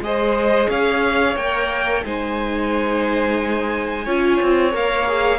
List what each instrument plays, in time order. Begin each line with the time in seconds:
0.00 cello G#3, viola G#4, violin C5 D#5
0.69 cello C#4, violin C#5 F5
1.36 cello A#3, viola A#4, violin G5
2.04 cello G#3, viola D#4, violin C5 G#5
4.05 cello C#4, viola F4, violin C#5
4.42 cello C4
4.72 cello A#3, viola A#4, violin F5
5.07 viola G#4